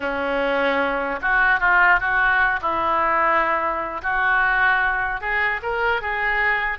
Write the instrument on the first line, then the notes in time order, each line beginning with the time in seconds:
oboe
0.00 C#4
1.21 F#4
1.60 F4
2.00 F#4
2.61 E4
4.02 F#4
5.20 G#4
5.62 A#4
6.01 G#4